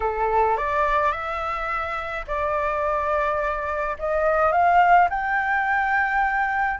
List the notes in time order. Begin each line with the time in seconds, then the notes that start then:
0.00 A4
0.57 D5
1.12 E5
2.27 D5
3.99 D#5
4.52 F5
5.09 G5